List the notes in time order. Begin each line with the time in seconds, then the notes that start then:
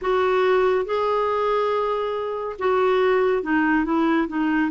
0.01 F#4
0.85 G#4
2.58 F#4
3.42 D#4
3.84 E4
4.28 D#4